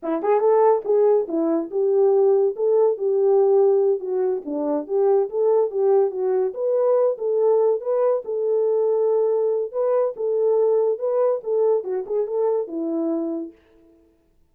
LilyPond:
\new Staff \with { instrumentName = "horn" } { \time 4/4 \tempo 4 = 142 e'8 gis'8 a'4 gis'4 e'4 | g'2 a'4 g'4~ | g'4. fis'4 d'4 g'8~ | g'8 a'4 g'4 fis'4 b'8~ |
b'4 a'4. b'4 a'8~ | a'2. b'4 | a'2 b'4 a'4 | fis'8 gis'8 a'4 e'2 | }